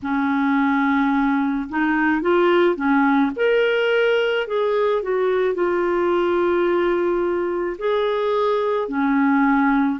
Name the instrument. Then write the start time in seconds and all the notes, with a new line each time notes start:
clarinet
0.02 C#4
1.69 D#4
2.21 F4
2.75 C#4
3.36 A#4
4.47 G#4
5.02 F#4
5.54 F4
7.78 G#4
8.88 C#4